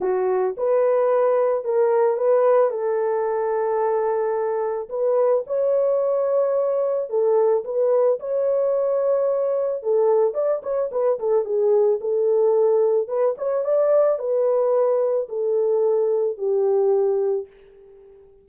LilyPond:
\new Staff \with { instrumentName = "horn" } { \time 4/4 \tempo 4 = 110 fis'4 b'2 ais'4 | b'4 a'2.~ | a'4 b'4 cis''2~ | cis''4 a'4 b'4 cis''4~ |
cis''2 a'4 d''8 cis''8 | b'8 a'8 gis'4 a'2 | b'8 cis''8 d''4 b'2 | a'2 g'2 | }